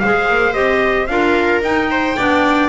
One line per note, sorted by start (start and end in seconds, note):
0.00 0.29 G#3
0.00 0.53 G#4
0.00 1.10 C5
0.00 0.54 F5
0.29 0.55 A#3
0.53 1.09 C4
0.53 1.08 G4
0.53 1.07 D#5
1.07 1.62 D4
1.07 1.64 F4
1.07 1.91 A#4
1.07 1.61 F5
1.62 2.16 D#4
1.62 2.18 D#4
1.62 2.70 G5
1.91 2.17 C5
2.17 2.70 B3
2.17 2.70 D4
2.17 2.70 D5